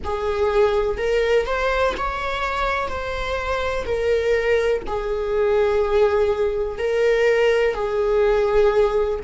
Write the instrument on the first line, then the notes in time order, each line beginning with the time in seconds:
viola
0.04 G#4
0.97 A#4
1.46 C5
1.97 C#5
2.88 C5
3.85 A#4
4.87 G#4
6.78 A#4
7.74 G#4